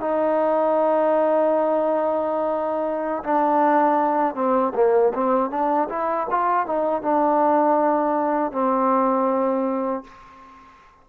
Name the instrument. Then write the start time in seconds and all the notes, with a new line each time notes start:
trombone
0.00 D#4
3.23 D4
4.35 C4
4.74 A#3
5.14 C4
5.50 D4
5.89 E4
6.30 F4
6.66 D#4
7.01 D4
8.52 C4